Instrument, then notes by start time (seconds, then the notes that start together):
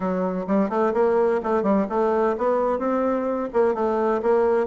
bassoon
0.00 F#3
0.47 G3
0.69 A3
0.93 A#3
1.43 A3
1.63 G3
1.89 A3
2.37 B3
2.78 C4
3.53 A#3
3.74 A3
4.22 A#3